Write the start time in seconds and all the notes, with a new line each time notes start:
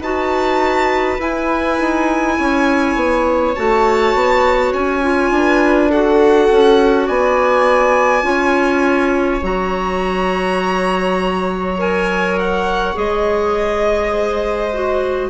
0.00 D#4 F#4 B4 A5
1.19 E4 G#5
1.79 D#4
2.38 C#4 C#5
2.95 B3
3.55 A3 F#4 A5
4.14 B3
4.73 C#4 G#5
5.02 F4
5.31 D4 B4
5.90 F#4 A4 F#5
6.51 C#4
7.06 B3 D5 G#5
8.23 C#4 F4 C#5
9.42 F#3 F#4 A#5
11.78 A#4 G#5
12.39 F#5
12.95 G#3 G#4 D#5
14.12 C5
14.73 F#4